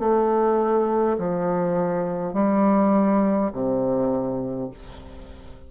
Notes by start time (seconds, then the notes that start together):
0.00 A3
1.19 F3
2.34 G3
3.53 C3